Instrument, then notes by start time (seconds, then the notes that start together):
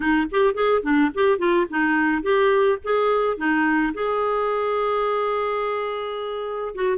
clarinet
0.00 D#4
0.31 G4
0.54 G#4
0.83 D4
1.14 G4
1.38 F4
1.69 D#4
2.22 G4
2.83 G#4
3.37 D#4
3.94 G#4
6.74 F#4